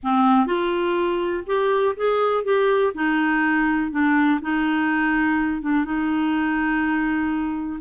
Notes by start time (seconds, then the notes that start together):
0.03 C4
0.46 F4
1.46 G4
1.96 G#4
2.44 G4
2.94 D#4
3.91 D4
4.41 D#4
5.61 D4
5.84 D#4